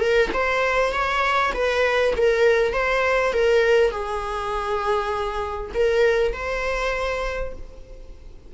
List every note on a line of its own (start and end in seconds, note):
0.00 0.30 A#4
0.33 0.92 C5
0.92 1.52 C#5
1.53 2.13 B4
2.16 2.72 A#4
2.72 3.32 C5
3.32 3.91 A#4
3.91 5.71 G#4
5.74 6.33 A#4
6.33 7.53 C5